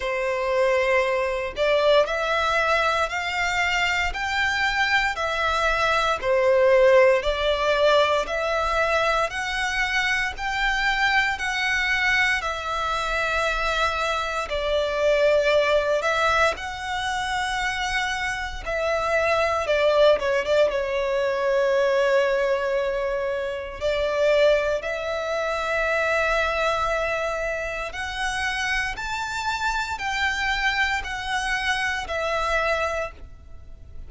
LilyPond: \new Staff \with { instrumentName = "violin" } { \time 4/4 \tempo 4 = 58 c''4. d''8 e''4 f''4 | g''4 e''4 c''4 d''4 | e''4 fis''4 g''4 fis''4 | e''2 d''4. e''8 |
fis''2 e''4 d''8 cis''16 d''16 | cis''2. d''4 | e''2. fis''4 | a''4 g''4 fis''4 e''4 | }